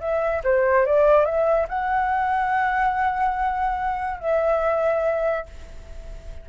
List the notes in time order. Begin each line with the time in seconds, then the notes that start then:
0.00 E5
0.44 C5
0.86 D5
1.25 E5
1.69 F#5
4.20 E5